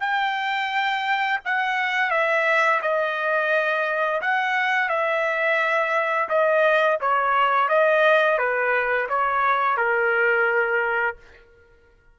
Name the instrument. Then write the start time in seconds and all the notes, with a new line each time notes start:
trumpet
0.00 G5
1.45 F#5
2.11 E5
2.82 D#5
4.21 F#5
4.89 E5
6.29 D#5
7.01 C#5
7.68 D#5
8.38 B4
9.09 C#5
9.77 A#4